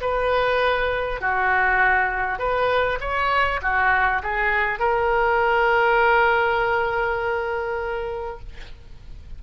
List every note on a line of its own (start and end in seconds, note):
0.00 1.20 B4
1.20 2.38 F#4
2.38 2.98 B4
3.00 3.60 C#5
3.62 4.22 F#4
4.22 4.79 G#4
4.79 8.39 A#4